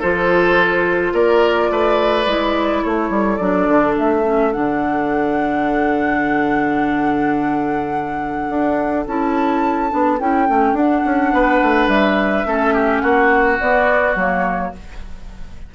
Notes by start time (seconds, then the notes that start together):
0.00 F3 F4 A4 C5
1.13 A#3 A#4 D5
1.71 A3 B4
2.26 G#3 E4
2.84 A3 A4 C#5
3.10 G3
3.37 F#3 D4 D5
3.68 D3
3.98 A3 E5
4.24 C#4
4.53 D3 D4 F#5
8.49 D4
9.07 C#4 E4 A5
9.90 B3 D4
10.20 C#4 E4 G5
10.48 A3 C#4
10.73 D4 F#5
11.05 C#4
11.33 B3 B4
11.62 A3
11.88 G3 E5
12.46 A3 C#4 A4
12.74 G4
13.00 A#3 F#4 F#5
13.60 B3 D5
14.15 F#3 A#3 C#5